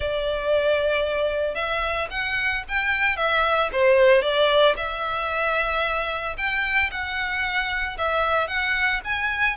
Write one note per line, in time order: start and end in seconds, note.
0.00 1.54 D5
1.54 2.08 E5
2.10 2.63 F#5
2.68 3.16 G5
3.16 3.69 E5
3.72 4.22 C5
4.22 4.75 D5
4.76 6.36 E5
6.37 6.90 G5
6.91 7.97 F#5
7.98 8.47 E5
8.47 9.00 F#5
9.04 9.56 G#5